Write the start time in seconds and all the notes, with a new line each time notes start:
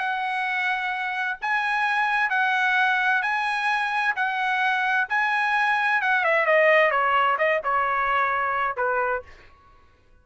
0.00 F#5
1.42 G#5
2.30 F#5
3.23 G#5
4.16 F#5
5.10 G#5
6.02 F#5
6.25 E5
6.46 D#5
6.91 C#5
7.38 D#5
7.64 C#5
8.77 B4